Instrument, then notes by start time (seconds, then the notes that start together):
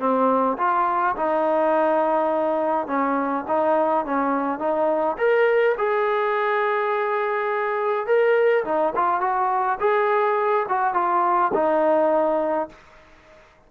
trombone
0.00 C4
0.58 F4
1.16 D#4
2.88 C#4
3.49 D#4
4.06 C#4
4.59 D#4
5.18 A#4
5.78 G#4
8.07 A#4
8.65 D#4
8.96 F4
9.21 F#4
9.80 G#4
10.69 F#4
10.94 F4
11.54 D#4